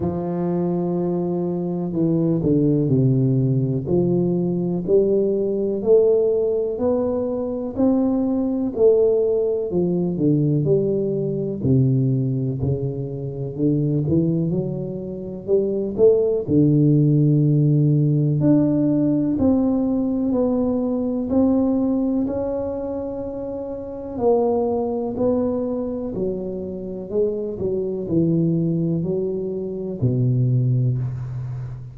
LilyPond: \new Staff \with { instrumentName = "tuba" } { \time 4/4 \tempo 4 = 62 f2 e8 d8 c4 | f4 g4 a4 b4 | c'4 a4 f8 d8 g4 | c4 cis4 d8 e8 fis4 |
g8 a8 d2 d'4 | c'4 b4 c'4 cis'4~ | cis'4 ais4 b4 fis4 | gis8 fis8 e4 fis4 b,4 | }